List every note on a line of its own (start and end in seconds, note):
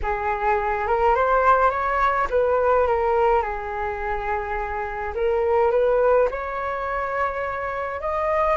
0.02 0.87 G#4
0.87 1.15 A#4
1.15 1.70 C5
1.70 2.27 C#5
2.30 2.87 B4
2.87 3.42 A#4
3.42 5.13 G#4
5.14 5.71 A#4
5.71 6.28 B4
6.30 8.00 C#5
8.00 8.57 D#5